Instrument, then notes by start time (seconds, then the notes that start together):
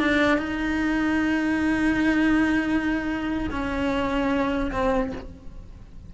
cello
0.00 D4
0.38 D#4
3.51 C#4
4.72 C4